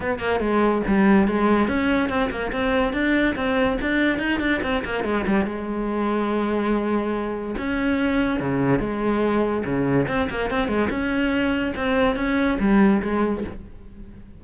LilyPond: \new Staff \with { instrumentName = "cello" } { \time 4/4 \tempo 4 = 143 b8 ais8 gis4 g4 gis4 | cis'4 c'8 ais8 c'4 d'4 | c'4 d'4 dis'8 d'8 c'8 ais8 | gis8 g8 gis2.~ |
gis2 cis'2 | cis4 gis2 cis4 | c'8 ais8 c'8 gis8 cis'2 | c'4 cis'4 g4 gis4 | }